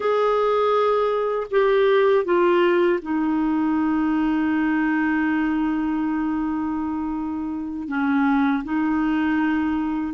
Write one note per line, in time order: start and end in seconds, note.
0.00 1.47 G#4
1.50 2.24 G4
2.24 2.99 F4
3.01 7.88 D#4
7.88 8.62 C#4
8.64 10.14 D#4